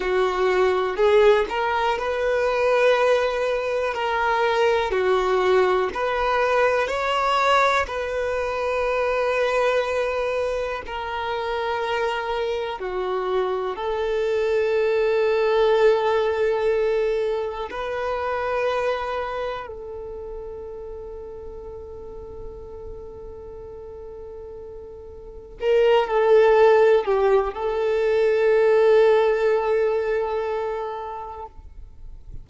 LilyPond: \new Staff \with { instrumentName = "violin" } { \time 4/4 \tempo 4 = 61 fis'4 gis'8 ais'8 b'2 | ais'4 fis'4 b'4 cis''4 | b'2. ais'4~ | ais'4 fis'4 a'2~ |
a'2 b'2 | a'1~ | a'2 ais'8 a'4 g'8 | a'1 | }